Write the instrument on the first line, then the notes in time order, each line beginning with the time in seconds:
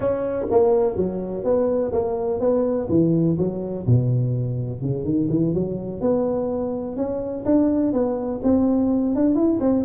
tuba
0.00 C#4
0.50 A#3
0.96 F#3
1.44 B3
1.92 A#3
2.40 B3
2.89 E3
3.38 F#3
3.86 B2
4.81 C#3
5.04 D#3
5.30 E3
5.53 F#3
6.00 B3
6.96 C#4
7.45 D4
7.92 B3
8.43 C4
9.15 D4
9.35 E4
9.60 C4